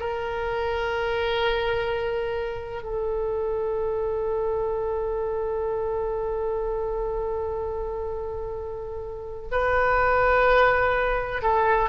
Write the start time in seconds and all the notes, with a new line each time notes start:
0.00 A#4
2.83 A4
9.52 B4
11.42 A4